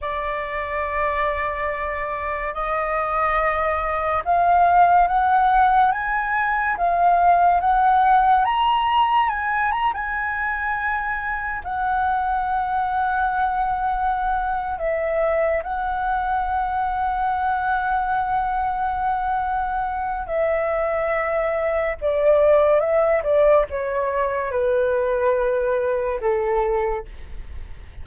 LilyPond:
\new Staff \with { instrumentName = "flute" } { \time 4/4 \tempo 4 = 71 d''2. dis''4~ | dis''4 f''4 fis''4 gis''4 | f''4 fis''4 ais''4 gis''8 ais''16 gis''16~ | gis''4.~ gis''16 fis''2~ fis''16~ |
fis''4. e''4 fis''4.~ | fis''1 | e''2 d''4 e''8 d''8 | cis''4 b'2 a'4 | }